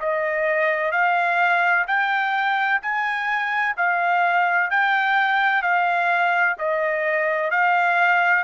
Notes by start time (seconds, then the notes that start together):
0.00 D#5
0.92 F5
1.87 G5
2.82 G#5
3.77 F5
4.70 G5
5.62 F5
6.58 D#5
7.51 F5